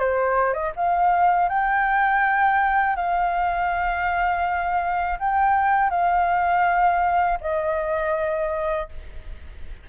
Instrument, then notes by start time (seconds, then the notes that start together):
flute
0.00 C5
0.54 D#5
0.76 F5
1.49 G5
2.96 F5
5.19 G5
5.90 F5
7.41 D#5